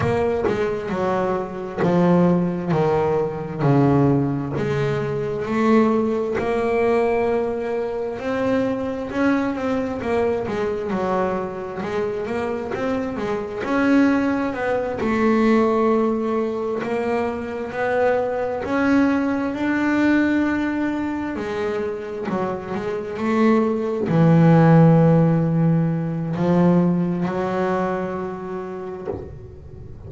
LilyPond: \new Staff \with { instrumentName = "double bass" } { \time 4/4 \tempo 4 = 66 ais8 gis8 fis4 f4 dis4 | cis4 gis4 a4 ais4~ | ais4 c'4 cis'8 c'8 ais8 gis8 | fis4 gis8 ais8 c'8 gis8 cis'4 |
b8 a2 ais4 b8~ | b8 cis'4 d'2 gis8~ | gis8 fis8 gis8 a4 e4.~ | e4 f4 fis2 | }